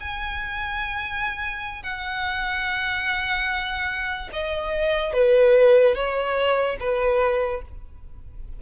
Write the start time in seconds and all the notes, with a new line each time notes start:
0.00 G#5
1.83 F#5
4.33 D#5
5.13 B4
5.95 C#5
6.80 B4